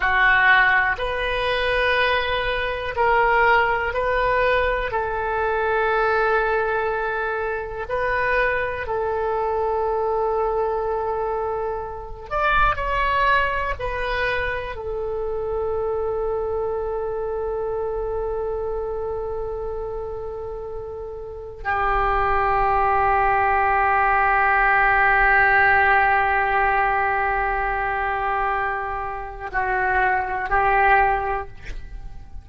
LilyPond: \new Staff \with { instrumentName = "oboe" } { \time 4/4 \tempo 4 = 61 fis'4 b'2 ais'4 | b'4 a'2. | b'4 a'2.~ | a'8 d''8 cis''4 b'4 a'4~ |
a'1~ | a'2 g'2~ | g'1~ | g'2 fis'4 g'4 | }